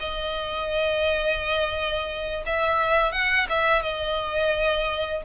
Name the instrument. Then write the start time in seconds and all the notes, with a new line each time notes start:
violin
0.00 D#5
2.46 E5
3.12 F#5
3.49 E5
3.83 D#5